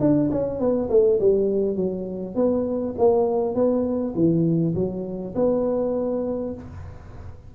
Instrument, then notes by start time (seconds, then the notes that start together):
tuba
0.00 D4
0.31 C#4
0.60 B3
0.89 A3
1.20 G3
1.76 F#3
2.35 B3
2.98 A#3
3.55 B3
4.15 E3
4.75 F#3
5.35 B3